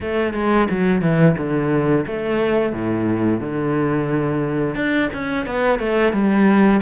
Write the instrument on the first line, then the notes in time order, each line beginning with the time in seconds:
cello
0.01 A3
0.33 G#3
0.70 F#3
1.01 E3
1.37 D3
2.06 A3
2.72 A2
3.40 D3
4.75 D4
5.13 C#4
5.45 B3
5.79 A3
6.12 G3